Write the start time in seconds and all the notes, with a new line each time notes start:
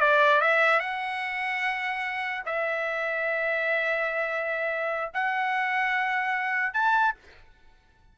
0.00 D5
0.41 E5
0.80 F#5
2.46 E5
5.14 F#5
6.73 A5